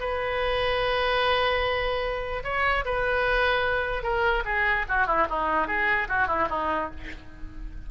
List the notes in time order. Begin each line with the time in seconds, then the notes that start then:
0.00 B4
2.44 C#5
2.85 B4
4.03 A#4
4.45 G#4
4.89 F#4
5.07 E4
5.30 D#4
5.68 G#4
6.09 F#4
6.27 E4
6.50 D#4